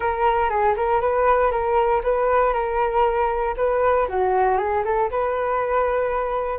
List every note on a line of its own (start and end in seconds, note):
0.00 0.49 A#4
0.49 0.74 G#4
0.76 1.01 A#4
1.01 1.51 B4
1.51 2.02 A#4
2.03 2.53 B4
2.53 3.55 A#4
3.56 4.07 B4
4.08 4.58 F#4
4.58 4.83 G#4
4.84 5.10 A4
5.10 6.59 B4